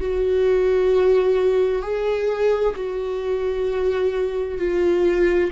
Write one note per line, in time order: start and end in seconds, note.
0.00 1.82 F#4
1.82 2.74 G#4
2.76 4.58 F#4
4.58 5.50 F4